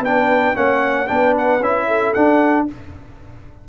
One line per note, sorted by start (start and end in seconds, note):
0.00 0.53 B3
0.00 0.54 D4
0.00 0.56 B4
0.00 0.56 G5
0.54 1.09 A#3
0.54 1.07 C#4
0.54 1.08 C#5
0.54 1.07 F#5
1.07 1.60 B3
1.07 1.60 D4
1.07 1.87 B4
1.07 1.33 G5
1.37 1.63 F#5
1.60 2.12 C#4
1.60 2.15 E4
1.60 2.13 E5
1.87 2.66 A4
2.13 2.68 D4
2.13 2.66 F#5